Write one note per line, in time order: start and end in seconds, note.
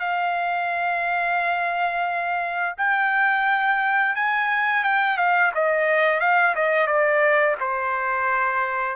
0.00 2.76 F5
2.77 4.15 G5
4.15 4.84 G#5
4.84 5.17 G5
5.17 5.52 F5
5.55 6.20 D#5
6.20 6.55 F5
6.55 6.87 D#5
6.87 7.56 D5
7.60 8.96 C5